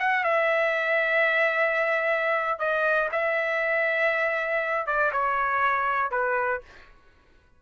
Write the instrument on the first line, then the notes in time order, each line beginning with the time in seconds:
trumpet
0.00 F#5
0.24 E5
2.59 D#5
3.12 E5
4.87 D5
5.13 C#5
6.11 B4